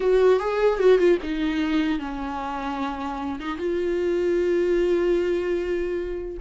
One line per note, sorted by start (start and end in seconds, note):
0.00 0.39 F#4
0.39 0.79 G#4
0.79 0.98 F#4
0.98 1.18 F4
1.22 1.99 D#4
1.99 3.39 C#4
3.39 3.57 D#4
3.57 6.37 F4